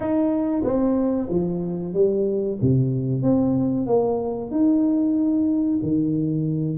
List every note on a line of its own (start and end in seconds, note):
0.00 0.62 D#4
0.64 1.28 C4
1.29 1.93 F3
1.93 2.58 G3
2.61 3.22 C3
3.22 3.86 C4
3.86 4.50 A#3
4.50 5.79 D#4
5.82 6.78 D#3